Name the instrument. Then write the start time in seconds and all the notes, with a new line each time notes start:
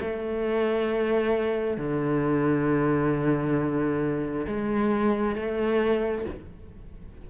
cello
0.00 A3
1.77 D3
4.47 G#3
5.35 A3